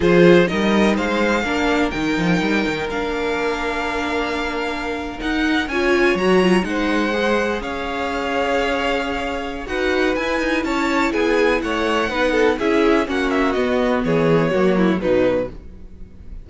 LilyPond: <<
  \new Staff \with { instrumentName = "violin" } { \time 4/4 \tempo 4 = 124 c''4 dis''4 f''2 | g''2 f''2~ | f''2~ f''8. fis''4 gis''16~ | gis''8. ais''4 fis''2 f''16~ |
f''1 | fis''4 gis''4 a''4 gis''4 | fis''2 e''4 fis''8 e''8 | dis''4 cis''2 b'4 | }
  \new Staff \with { instrumentName = "violin" } { \time 4/4 gis'4 ais'4 c''4 ais'4~ | ais'1~ | ais'2.~ ais'8. cis''16~ | cis''4.~ cis''16 c''2 cis''16~ |
cis''1 | b'2 cis''4 gis'4 | cis''4 b'8 a'8 gis'4 fis'4~ | fis'4 gis'4 fis'8 e'8 dis'4 | }
  \new Staff \with { instrumentName = "viola" } { \time 4/4 f'4 dis'2 d'4 | dis'2 d'2~ | d'2~ d'8. dis'4 f'16~ | f'8. fis'8 f'8 dis'4 gis'4~ gis'16~ |
gis'1 | fis'4 e'2.~ | e'4 dis'4 e'4 cis'4 | b2 ais4 fis4 | }
  \new Staff \with { instrumentName = "cello" } { \time 4/4 f4 g4 gis4 ais4 | dis8 f8 g8 dis8 ais2~ | ais2~ ais8. dis'4 cis'16~ | cis'8. fis4 gis2 cis'16~ |
cis'1 | dis'4 e'8 dis'8 cis'4 b4 | a4 b4 cis'4 ais4 | b4 e4 fis4 b,4 | }
>>